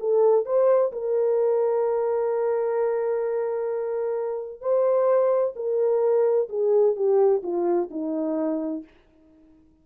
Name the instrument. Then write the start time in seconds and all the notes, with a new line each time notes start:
horn
0.00 A4
0.46 C5
0.92 A#4
4.61 C5
5.56 A#4
6.49 G#4
6.96 G4
7.43 F4
7.91 D#4